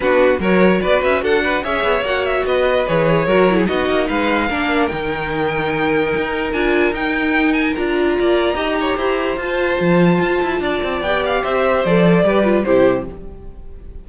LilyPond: <<
  \new Staff \with { instrumentName = "violin" } { \time 4/4 \tempo 4 = 147 b'4 cis''4 d''8 e''8 fis''4 | e''4 fis''8 e''8 dis''4 cis''4~ | cis''4 dis''4 f''2 | g''1 |
gis''4 g''4. gis''8 ais''4~ | ais''2. a''4~ | a''2. g''8 f''8 | e''4 d''2 c''4 | }
  \new Staff \with { instrumentName = "violin" } { \time 4/4 fis'4 ais'4 b'4 a'8 b'8 | cis''2 b'2 | ais'8. gis'16 fis'4 b'4 ais'4~ | ais'1~ |
ais'1 | d''4 dis''8 cis''8 c''2~ | c''2 d''2 | c''2 b'4 g'4 | }
  \new Staff \with { instrumentName = "viola" } { \time 4/4 d'4 fis'2. | gis'4 fis'2 gis'4 | fis'8 e'8 dis'2 d'4 | dis'1 |
f'4 dis'2 f'4~ | f'4 g'2 f'4~ | f'2. g'4~ | g'4 a'4 g'8 f'8 e'4 | }
  \new Staff \with { instrumentName = "cello" } { \time 4/4 b4 fis4 b8 cis'8 d'4 | cis'8 b8 ais4 b4 e4 | fis4 b8 ais8 gis4 ais4 | dis2. dis'4 |
d'4 dis'2 d'4 | ais4 dis'4 e'4 f'4 | f4 f'8 e'8 d'8 c'8 b4 | c'4 f4 g4 c4 | }
>>